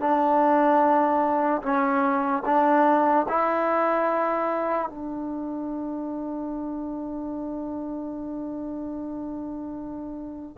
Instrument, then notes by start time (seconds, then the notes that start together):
trombone
0.00 D4
1.63 C#4
2.46 D4
3.29 E4
4.89 D4